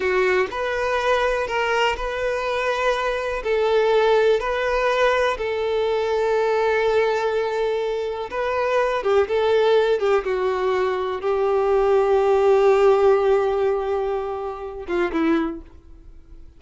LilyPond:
\new Staff \with { instrumentName = "violin" } { \time 4/4 \tempo 4 = 123 fis'4 b'2 ais'4 | b'2. a'4~ | a'4 b'2 a'4~ | a'1~ |
a'4 b'4. g'8 a'4~ | a'8 g'8 fis'2 g'4~ | g'1~ | g'2~ g'8 f'8 e'4 | }